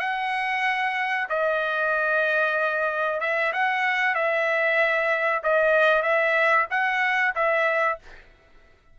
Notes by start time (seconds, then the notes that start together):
0.00 F#5
1.29 D#5
3.21 E5
3.53 F#5
4.15 E5
5.43 D#5
6.03 E5
6.71 F#5
7.35 E5